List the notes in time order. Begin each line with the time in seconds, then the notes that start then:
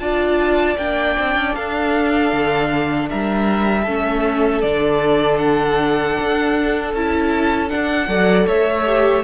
0.00 D4 F4 D5 A5
0.78 A#3 D4 G5
1.19 C4
1.36 C#4
1.55 D4 A4 F5
2.33 D3
3.10 G3 A#4 E5
3.83 A3 C#4 A4
4.62 D3 D4 D5
5.38 F#5
6.20 D4
6.94 C#4 E4 A5
7.69 D4 F#5
8.08 F#3 A4 D5
8.47 A3 C#5 E5
8.86 G4